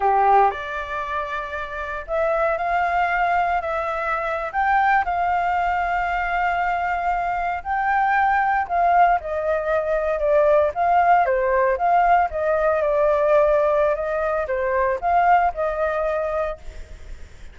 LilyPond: \new Staff \with { instrumentName = "flute" } { \time 4/4 \tempo 4 = 116 g'4 d''2. | e''4 f''2 e''4~ | e''8. g''4 f''2~ f''16~ | f''2~ f''8. g''4~ g''16~ |
g''8. f''4 dis''2 d''16~ | d''8. f''4 c''4 f''4 dis''16~ | dis''8. d''2~ d''16 dis''4 | c''4 f''4 dis''2 | }